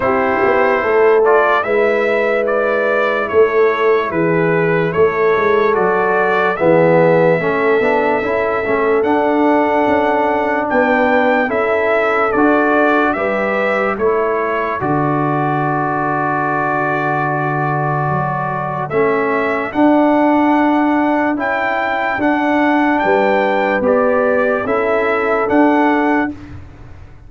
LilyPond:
<<
  \new Staff \with { instrumentName = "trumpet" } { \time 4/4 \tempo 4 = 73 c''4. d''8 e''4 d''4 | cis''4 b'4 cis''4 d''4 | e''2. fis''4~ | fis''4 g''4 e''4 d''4 |
e''4 cis''4 d''2~ | d''2. e''4 | fis''2 g''4 fis''4 | g''4 d''4 e''4 fis''4 | }
  \new Staff \with { instrumentName = "horn" } { \time 4/4 g'4 a'4 b'2 | a'4 gis'4 a'2 | gis'4 a'2.~ | a'4 b'4 a'2 |
b'4 a'2.~ | a'1~ | a'1 | b'2 a'2 | }
  \new Staff \with { instrumentName = "trombone" } { \time 4/4 e'4. f'8 e'2~ | e'2. fis'4 | b4 cis'8 d'8 e'8 cis'8 d'4~ | d'2 e'4 fis'4 |
g'4 e'4 fis'2~ | fis'2. cis'4 | d'2 e'4 d'4~ | d'4 g'4 e'4 d'4 | }
  \new Staff \with { instrumentName = "tuba" } { \time 4/4 c'8 b8 a4 gis2 | a4 e4 a8 gis8 fis4 | e4 a8 b8 cis'8 a8 d'4 | cis'4 b4 cis'4 d'4 |
g4 a4 d2~ | d2 fis4 a4 | d'2 cis'4 d'4 | g4 b4 cis'4 d'4 | }
>>